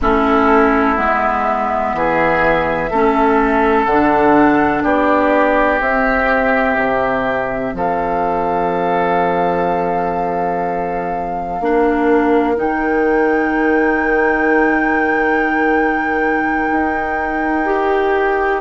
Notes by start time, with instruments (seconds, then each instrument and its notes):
0.01 bassoon A3, clarinet C#4, oboe E4, flute A4
0.96 bassoon G#3, clarinet B3, flute E5
1.93 bassoon E3, oboe G#4
2.90 bassoon A3, clarinet C#4, oboe A4
3.85 bassoon D3, clarinet D4, flute F#5
4.83 bassoon B3, oboe G4, flute D5
5.80 bassoon C4, clarinet C4, flute E5
6.76 bassoon C3
7.73 bassoon F3, oboe A4, flute F5
11.60 bassoon A#3, clarinet D4, oboe A#4
12.55 bassoon D#3, clarinet D#4, flute G5
16.71 bassoon D#4
17.65 clarinet G4